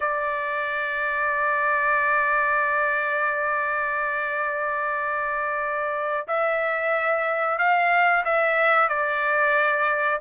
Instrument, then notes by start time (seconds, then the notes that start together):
trumpet
0.00 D5
6.27 E5
7.58 F5
8.24 E5
8.88 D5